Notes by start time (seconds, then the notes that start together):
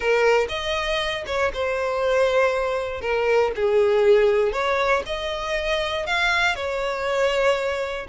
0.00 A#4
0.48 D#5
1.26 C#5
1.53 C5
3.01 A#4
3.55 G#4
4.52 C#5
5.06 D#5
6.06 F5
6.55 C#5